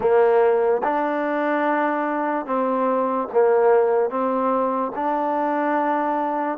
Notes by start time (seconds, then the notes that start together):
0.00 A#3
0.83 D4
2.45 C4
3.32 A#3
4.09 C4
4.95 D4